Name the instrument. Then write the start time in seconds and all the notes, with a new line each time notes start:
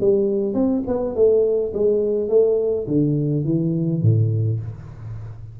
tuba
0.00 G3
0.54 C4
0.87 B3
1.15 A3
1.73 G#3
2.29 A3
2.87 D3
3.44 E3
4.02 A2